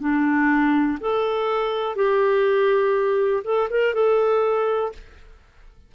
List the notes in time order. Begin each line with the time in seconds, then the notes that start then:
0.00 D4
1.00 A4
1.95 G4
3.44 A4
3.70 A#4
3.94 A4